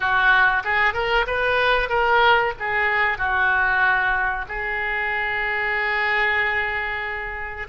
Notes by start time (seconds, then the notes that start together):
0.00 F#4
0.64 G#4
0.93 A#4
1.26 B4
1.89 A#4
2.59 G#4
3.17 F#4
4.48 G#4